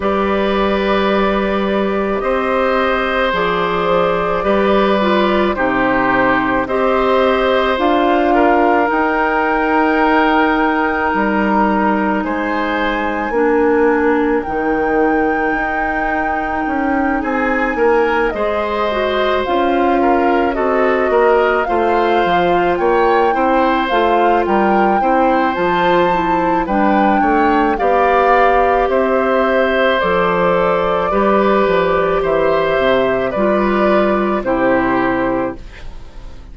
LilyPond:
<<
  \new Staff \with { instrumentName = "flute" } { \time 4/4 \tempo 4 = 54 d''2 dis''4 d''4~ | d''4 c''4 dis''4 f''4 | g''2 ais''4 gis''4~ | gis''4 g''2~ g''8 gis''8~ |
gis''8 dis''4 f''4 dis''4 f''8~ | f''8 g''4 f''8 g''4 a''4 | g''4 f''4 e''4 d''4~ | d''4 e''4 d''4 c''4 | }
  \new Staff \with { instrumentName = "oboe" } { \time 4/4 b'2 c''2 | b'4 g'4 c''4. ais'8~ | ais'2. c''4 | ais'2.~ ais'8 gis'8 |
ais'8 c''4. ais'8 a'8 ais'8 c''8~ | c''8 cis''8 c''4 ais'8 c''4. | b'8 cis''8 d''4 c''2 | b'4 c''4 b'4 g'4 | }
  \new Staff \with { instrumentName = "clarinet" } { \time 4/4 g'2. gis'4 | g'8 f'8 dis'4 g'4 f'4 | dis'1 | d'4 dis'2.~ |
dis'8 gis'8 fis'8 f'4 fis'4 f'8~ | f'4 e'8 f'4 e'8 f'8 e'8 | d'4 g'2 a'4 | g'2 f'4 e'4 | }
  \new Staff \with { instrumentName = "bassoon" } { \time 4/4 g2 c'4 f4 | g4 c4 c'4 d'4 | dis'2 g4 gis4 | ais4 dis4 dis'4 cis'8 c'8 |
ais8 gis4 cis'4 c'8 ais8 a8 | f8 ais8 c'8 a8 g8 c'8 f4 | g8 a8 b4 c'4 f4 | g8 f8 e8 c8 g4 c4 | }
>>